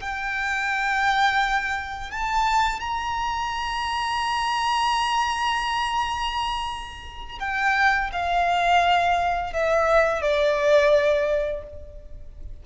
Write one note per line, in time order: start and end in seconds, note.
0.00 2.11 G5
2.11 2.80 A5
2.80 7.39 A#5
7.39 8.10 G5
8.12 9.53 F5
9.53 10.22 E5
10.22 11.63 D5